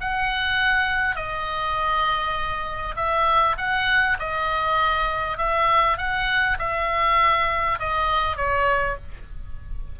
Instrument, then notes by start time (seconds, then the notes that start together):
oboe
0.00 F#5
1.15 D#5
2.96 E5
3.57 F#5
4.19 D#5
5.38 E5
5.97 F#5
6.58 E5
7.79 D#5
8.36 C#5